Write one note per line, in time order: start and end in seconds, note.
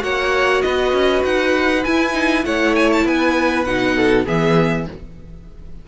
0.00 0.63 A#3
0.00 1.82 F#4
0.00 0.64 C#5
0.00 0.62 F#5
0.62 0.93 B3
0.62 2.46 B4
0.62 1.22 D#5
0.93 1.23 C#4
1.24 1.84 D#4
1.24 1.84 F#5
1.84 2.13 E4
1.84 2.45 E4
1.84 2.44 G#5
2.13 2.43 D#4
2.45 3.05 A3
2.45 3.66 E4
2.45 3.06 C#5
2.45 2.75 F#5
2.75 2.90 G#5
2.92 3.07 A5
3.05 3.65 B3
3.05 3.95 B4
3.05 3.64 G#5
3.64 4.26 B2
3.64 4.25 D#4
3.64 4.25 F#5
3.95 4.26 A4
4.25 4.87 E3
4.25 4.86 B3
4.25 4.86 G#4
4.25 4.88 E5